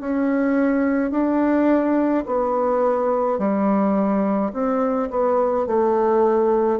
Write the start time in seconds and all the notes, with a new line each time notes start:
0.00 C#4
1.11 D4
2.26 B3
3.38 G3
4.52 C4
5.10 B3
5.66 A3